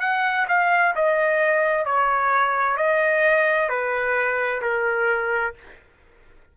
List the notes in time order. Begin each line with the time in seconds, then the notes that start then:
0.00 F#5
0.48 F5
0.95 D#5
1.85 C#5
2.77 D#5
3.69 B4
4.62 A#4